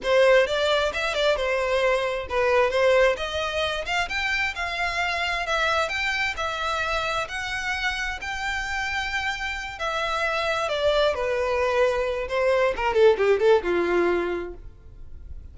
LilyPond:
\new Staff \with { instrumentName = "violin" } { \time 4/4 \tempo 4 = 132 c''4 d''4 e''8 d''8 c''4~ | c''4 b'4 c''4 dis''4~ | dis''8 f''8 g''4 f''2 | e''4 g''4 e''2 |
fis''2 g''2~ | g''4. e''2 d''8~ | d''8 b'2~ b'8 c''4 | ais'8 a'8 g'8 a'8 f'2 | }